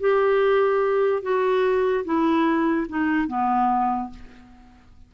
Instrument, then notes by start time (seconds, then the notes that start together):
clarinet
0.00 G4
1.22 F#4
2.05 E4
2.89 D#4
3.28 B3